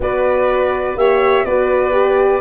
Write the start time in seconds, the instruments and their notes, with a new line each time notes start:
0.00 tuba B3, horn F#4, violin B4, flute D5
0.95 tuba A#3, horn G4, violin C#5, flute E5
1.44 tuba B3, horn F#4, violin B4, flute D5
1.92 horn G4